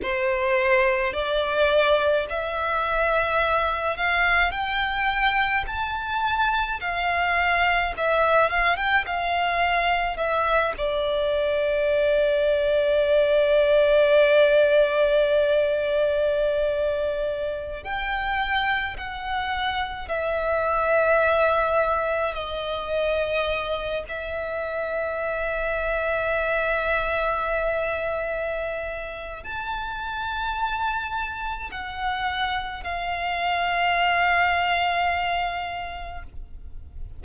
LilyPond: \new Staff \with { instrumentName = "violin" } { \time 4/4 \tempo 4 = 53 c''4 d''4 e''4. f''8 | g''4 a''4 f''4 e''8 f''16 g''16 | f''4 e''8 d''2~ d''8~ | d''2.~ d''8. g''16~ |
g''8. fis''4 e''2 dis''16~ | dis''4~ dis''16 e''2~ e''8.~ | e''2 a''2 | fis''4 f''2. | }